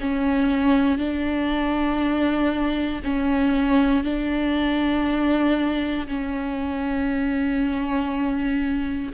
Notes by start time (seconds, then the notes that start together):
0.00 C#4
0.98 D4
3.04 C#4
4.04 D4
6.07 C#4